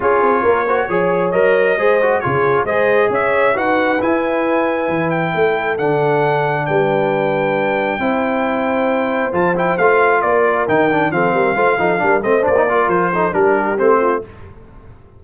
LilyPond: <<
  \new Staff \with { instrumentName = "trumpet" } { \time 4/4 \tempo 4 = 135 cis''2. dis''4~ | dis''4 cis''4 dis''4 e''4 | fis''4 gis''2~ gis''8 g''8~ | g''4 fis''2 g''4~ |
g''1~ | g''4 a''8 g''8 f''4 d''4 | g''4 f''2~ f''8 dis''8 | d''4 c''4 ais'4 c''4 | }
  \new Staff \with { instrumentName = "horn" } { \time 4/4 gis'4 ais'8 c''8 cis''2 | c''4 gis'4 c''4 cis''4 | b'1 | a'2. b'4~ |
b'2 c''2~ | c''2. ais'4~ | ais'4 a'8 ais'8 c''8 a'8 ais'8 c''8~ | c''8 ais'4 a'8 g'4. f'8 | }
  \new Staff \with { instrumentName = "trombone" } { \time 4/4 f'4. fis'8 gis'4 ais'4 | gis'8 fis'8 f'4 gis'2 | fis'4 e'2.~ | e'4 d'2.~ |
d'2 e'2~ | e'4 f'8 e'8 f'2 | dis'8 d'8 c'4 f'8 dis'8 d'8 c'8 | d'16 dis'16 f'4 dis'8 d'4 c'4 | }
  \new Staff \with { instrumentName = "tuba" } { \time 4/4 cis'8 c'8 ais4 f4 fis4 | gis4 cis4 gis4 cis'4 | dis'4 e'2 e4 | a4 d2 g4~ |
g2 c'2~ | c'4 f4 a4 ais4 | dis4 f8 g8 a8 f8 g8 a8 | ais4 f4 g4 a4 | }
>>